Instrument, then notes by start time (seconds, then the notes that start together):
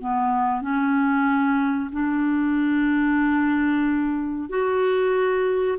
clarinet
0.00 B3
0.62 C#4
1.92 D4
4.49 F#4